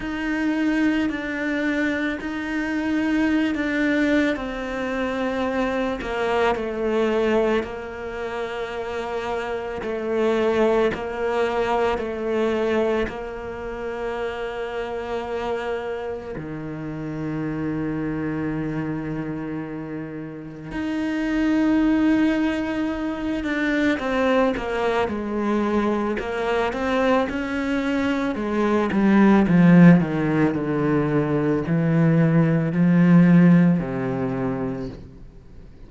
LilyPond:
\new Staff \with { instrumentName = "cello" } { \time 4/4 \tempo 4 = 55 dis'4 d'4 dis'4~ dis'16 d'8. | c'4. ais8 a4 ais4~ | ais4 a4 ais4 a4 | ais2. dis4~ |
dis2. dis'4~ | dis'4. d'8 c'8 ais8 gis4 | ais8 c'8 cis'4 gis8 g8 f8 dis8 | d4 e4 f4 c4 | }